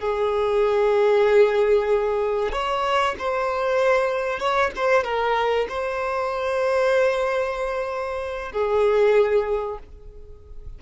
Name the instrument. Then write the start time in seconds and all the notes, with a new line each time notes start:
violin
0.00 G#4
2.53 C#5
3.19 C5
4.40 C#5
4.76 C5
5.04 A#4
5.69 C5
8.53 G#4